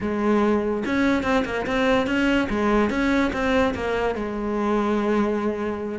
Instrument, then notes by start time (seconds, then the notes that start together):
cello
0.00 G#3
0.85 C#4
1.23 C4
1.45 A#3
1.66 C4
2.06 C#4
2.49 G#3
2.90 C#4
3.32 C4
3.74 A#3
4.15 G#3